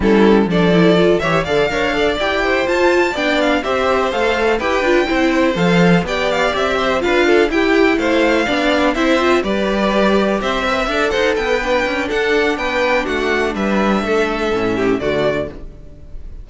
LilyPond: <<
  \new Staff \with { instrumentName = "violin" } { \time 4/4 \tempo 4 = 124 a'4 d''4. e''8 f''4~ | f''8 g''4 a''4 g''8 f''8 e''8~ | e''8 f''4 g''2 f''8~ | f''8 g''8 f''8 e''4 f''4 g''8~ |
g''8 f''2 e''4 d''8~ | d''4. e''4. fis''8 g''8~ | g''4 fis''4 g''4 fis''4 | e''2. d''4 | }
  \new Staff \with { instrumentName = "violin" } { \time 4/4 e'4 a'4. cis''8 d''8 cis''8 | d''4 c''4. d''4 c''8~ | c''4. b'4 c''4.~ | c''8 d''4. c''8 b'8 a'8 g'8~ |
g'8 c''4 d''4 c''4 b'8~ | b'4. c''8 e''8 d''8 c''8 b'8~ | b'4 a'4 b'4 fis'4 | b'4 a'4. g'8 fis'4 | }
  \new Staff \with { instrumentName = "viola" } { \time 4/4 cis'4 d'8 e'8 f'8 g'8 a'8 ais'8 | a'8 g'4 f'4 d'4 g'8~ | g'8 a'4 g'8 f'8 e'4 a'8~ | a'8 g'2 f'4 e'8~ |
e'4. d'4 e'8 f'8 g'8~ | g'2 b'8 a'4. | d'1~ | d'2 cis'4 a4 | }
  \new Staff \with { instrumentName = "cello" } { \time 4/4 g4 f4. e8 d8 d'8~ | d'8 e'4 f'4 b4 c'8~ | c'8 a4 e'8 d'8 c'4 f8~ | f8 b4 c'4 d'4 e'8~ |
e'8 a4 b4 c'4 g8~ | g4. c'4 d'8 dis'8 b8~ | b8 cis'8 d'4 b4 a4 | g4 a4 a,4 d4 | }
>>